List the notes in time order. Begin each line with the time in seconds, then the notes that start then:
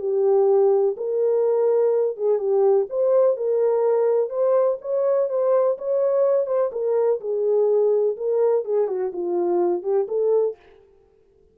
0.00 G4
0.97 A#4
2.17 G#4
2.39 G4
2.90 C5
3.37 A#4
4.30 C5
4.82 C#5
5.30 C5
5.78 C#5
6.47 C5
6.72 A#4
7.21 G#4
8.17 A#4
8.65 G#4
8.88 F#4
9.13 F4
9.83 G4
10.08 A4